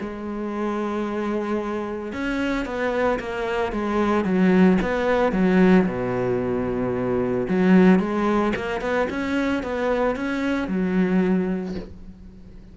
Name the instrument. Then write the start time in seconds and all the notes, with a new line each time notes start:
cello
0.00 G#3
2.12 C#4
2.65 B3
3.19 A#3
3.72 G#3
4.24 F#3
4.82 B3
5.32 F#3
5.86 B2
7.48 F#3
7.99 G#3
8.56 A#3
8.81 B3
9.09 C#4
9.63 B3
10.16 C#4
10.68 F#3